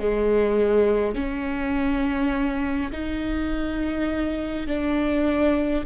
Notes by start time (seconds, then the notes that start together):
0.00 G#3
1.15 C#4
2.92 D#4
4.67 D4